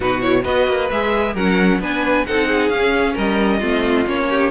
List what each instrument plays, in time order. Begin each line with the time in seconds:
0.00 cello B2, viola D#4, violin F#4 B4
0.21 viola E4, violin C#5
0.43 cello B3, viola F#4, violin B4 D#5
0.67 cello A#3
0.90 cello G#3, viola G#4, violin E5
1.33 cello F#3, viola C#4, violin A#4 F#5
1.79 cello B3, viola D4, violin B4 G#5
2.26 cello C4, viola D#4, violin A4 F#5
2.48 violin G#4
2.68 cello C#4, viola C#4, violin F5
3.14 cello G3, violin A#4 D#5
3.58 cello A3, viola C4, violin F4
4.05 cello A#3, viola C#4, violin C#5
4.29 violin G4